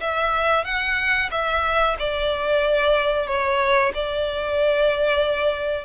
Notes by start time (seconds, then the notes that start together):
0.00 E5
0.65 F#5
1.31 E5
1.99 D5
3.27 C#5
3.94 D5